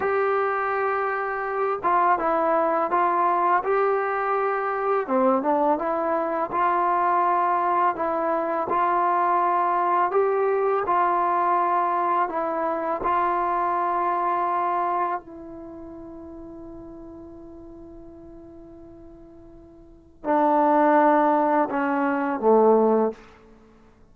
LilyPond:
\new Staff \with { instrumentName = "trombone" } { \time 4/4 \tempo 4 = 83 g'2~ g'8 f'8 e'4 | f'4 g'2 c'8 d'8 | e'4 f'2 e'4 | f'2 g'4 f'4~ |
f'4 e'4 f'2~ | f'4 e'2.~ | e'1 | d'2 cis'4 a4 | }